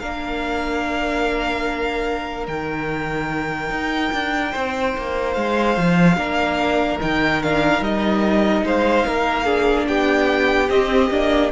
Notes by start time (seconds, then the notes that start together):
0.00 A#3 D4 A#4 F5
2.47 D#3 D#4 G5
3.70 D#4
4.13 D4
4.52 C4 C5
4.98 A#3
5.33 G#3 F5
5.77 F3
6.17 A#3 D4 A#4
7.01 D#3 D#4 G5
7.43 D4 F5
7.80 G3 D#4 D#5
8.64 G#3 C5 F5
9.07 A#3 A#4
9.45 D4 G#4
9.88 B3 G4 G5
10.70 C4 D#5
11.10 A#3 D4